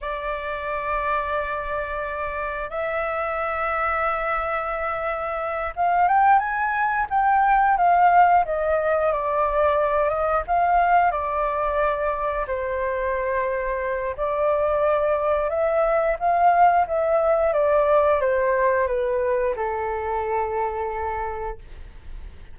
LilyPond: \new Staff \with { instrumentName = "flute" } { \time 4/4 \tempo 4 = 89 d''1 | e''1~ | e''8 f''8 g''8 gis''4 g''4 f''8~ | f''8 dis''4 d''4. dis''8 f''8~ |
f''8 d''2 c''4.~ | c''4 d''2 e''4 | f''4 e''4 d''4 c''4 | b'4 a'2. | }